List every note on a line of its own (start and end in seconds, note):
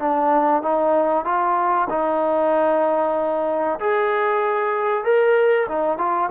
0.00 0.63 D4
0.63 1.25 D#4
1.25 1.89 F4
1.90 3.80 D#4
3.80 5.04 G#4
5.04 5.68 A#4
5.69 5.98 D#4
5.98 6.30 F4